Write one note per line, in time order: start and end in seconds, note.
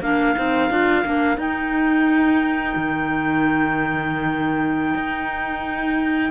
0.00 0.34 A#3
0.00 0.36 D4
0.00 6.31 A#4
0.00 1.38 F5
0.36 0.70 C4
0.36 0.70 D#4
0.70 1.04 D4
0.70 1.04 F4
1.04 1.37 A#3
1.04 1.35 D4
1.35 6.30 D#4
1.35 2.73 D#4
1.35 6.31 G5
2.75 4.94 D#3
4.94 6.30 D#4